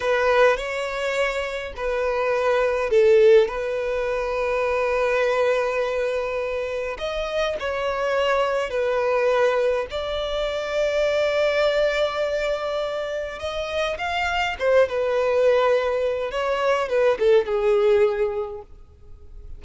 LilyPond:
\new Staff \with { instrumentName = "violin" } { \time 4/4 \tempo 4 = 103 b'4 cis''2 b'4~ | b'4 a'4 b'2~ | b'1 | dis''4 cis''2 b'4~ |
b'4 d''2.~ | d''2. dis''4 | f''4 c''8 b'2~ b'8 | cis''4 b'8 a'8 gis'2 | }